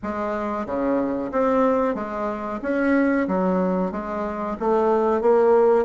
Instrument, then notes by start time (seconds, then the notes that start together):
bassoon
0.02 G#3
0.66 C#3
1.31 C4
1.94 G#3
2.61 C#4
3.27 F#3
3.91 G#3
4.59 A3
5.21 A#3